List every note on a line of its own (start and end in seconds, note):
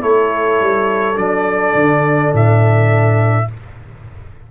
0.00 0.60 A3
0.00 1.14 E4
0.00 3.48 A4
0.00 1.17 C#5
0.60 1.16 G3
1.14 1.74 F#3
1.14 3.45 D4
1.14 2.33 D5
1.75 2.32 D3
2.33 3.48 A2
2.33 3.51 E5